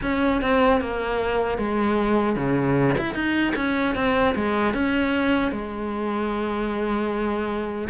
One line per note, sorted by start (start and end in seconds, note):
0.02 0.41 C#4
0.41 0.80 C4
0.80 1.58 A#3
1.58 2.35 G#3
2.35 2.95 C#3
2.98 3.14 E4
3.14 3.53 D#4
3.55 3.95 C#4
3.95 4.34 C4
4.35 4.73 G#3
4.73 5.51 C#4
5.51 7.88 G#3